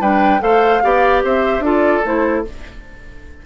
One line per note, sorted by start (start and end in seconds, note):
0.00 0.41 G3
0.00 0.39 D4
0.00 0.41 B4
0.00 0.41 G5
0.39 0.82 A3
0.39 0.80 A4
0.39 0.83 C5
0.39 1.22 F5
0.82 1.23 B3
0.82 1.63 G4
0.82 1.23 D5
1.23 1.59 C4
1.23 1.64 C5
1.23 1.66 E5
1.59 2.00 D4
1.59 2.03 F4
1.59 2.45 A4
1.67 2.05 D5
2.04 2.45 A3
2.04 2.44 E4
2.04 2.46 C5